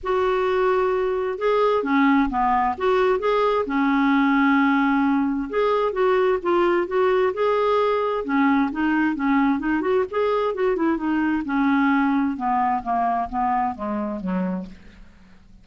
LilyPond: \new Staff \with { instrumentName = "clarinet" } { \time 4/4 \tempo 4 = 131 fis'2. gis'4 | cis'4 b4 fis'4 gis'4 | cis'1 | gis'4 fis'4 f'4 fis'4 |
gis'2 cis'4 dis'4 | cis'4 dis'8 fis'8 gis'4 fis'8 e'8 | dis'4 cis'2 b4 | ais4 b4 gis4 fis4 | }